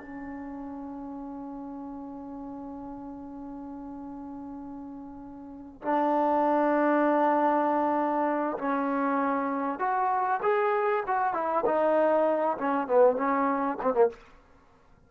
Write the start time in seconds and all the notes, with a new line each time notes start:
0.00 C#4
5.82 D4
8.58 C#4
9.80 F#4
10.42 G#4
11.07 F#4
11.34 E4
11.66 D#4
12.58 C#4
12.87 B3
13.16 C#4
13.82 C4
13.94 A#3